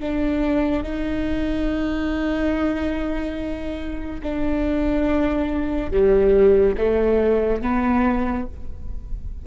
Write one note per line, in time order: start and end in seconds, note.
0.00 0.83 D4
0.83 4.21 D#4
4.23 5.91 D4
5.91 6.76 G3
6.78 7.62 A3
7.62 8.47 B3